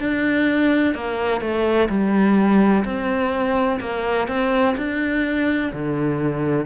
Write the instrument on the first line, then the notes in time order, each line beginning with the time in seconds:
cello
0.00 D4
0.95 A#3
1.41 A3
1.89 G3
2.85 C4
3.80 A#3
4.28 C4
4.77 D4
5.73 D3